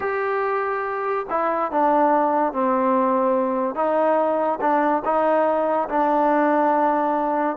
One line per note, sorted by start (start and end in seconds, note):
0.00 1.26 G4
1.29 1.71 E4
1.71 2.53 D4
2.53 3.75 C4
3.75 4.59 D#4
4.60 5.02 D4
5.04 5.88 D#4
5.88 7.56 D4